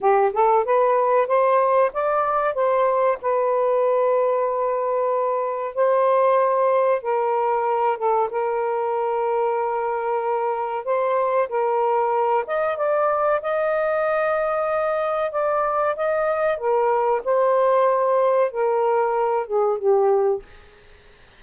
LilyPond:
\new Staff \with { instrumentName = "saxophone" } { \time 4/4 \tempo 4 = 94 g'8 a'8 b'4 c''4 d''4 | c''4 b'2.~ | b'4 c''2 ais'4~ | ais'8 a'8 ais'2.~ |
ais'4 c''4 ais'4. dis''8 | d''4 dis''2. | d''4 dis''4 ais'4 c''4~ | c''4 ais'4. gis'8 g'4 | }